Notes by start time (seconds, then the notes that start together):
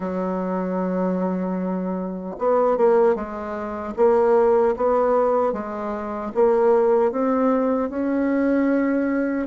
0.00 F#3
2.38 B3
2.77 A#3
3.15 G#3
3.96 A#3
4.76 B3
5.53 G#3
6.34 A#3
7.11 C4
7.89 C#4